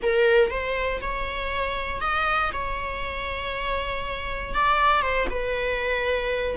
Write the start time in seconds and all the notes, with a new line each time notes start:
0.02 A#4
0.50 C5
1.01 C#5
2.00 D#5
2.53 C#5
4.54 D5
5.02 C5
5.30 B4